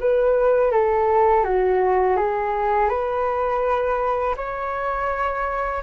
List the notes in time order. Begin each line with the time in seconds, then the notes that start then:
0.00 B4
0.72 A4
1.44 F#4
2.17 G#4
2.89 B4
4.36 C#5